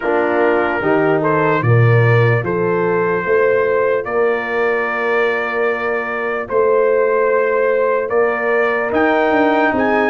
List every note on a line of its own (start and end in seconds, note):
0.00 0.81 A#3
0.00 0.81 D4
0.00 0.81 F4
0.00 1.22 A#4
0.81 1.62 D#3
0.81 1.62 D#4
0.81 1.20 G4
1.20 1.61 A4
1.20 1.62 C5
1.62 2.42 A#2
1.62 8.91 F4
1.62 2.43 A#4
1.62 2.44 D5
2.42 3.23 F3
2.42 3.24 A4
2.42 4.04 C5
3.25 4.05 A3
3.25 4.06 C5
4.04 6.48 A#3
4.04 6.49 A#4
4.04 6.47 D5
6.48 8.10 A3
6.48 8.09 C5
8.09 8.91 A#3
8.09 9.71 A#4
8.09 8.90 D5
8.91 10.10 D#4
8.91 9.31 D#4
8.91 9.74 G5
9.31 9.71 D4
9.72 10.10 C4
9.72 10.10 G#4
9.72 10.10 G#5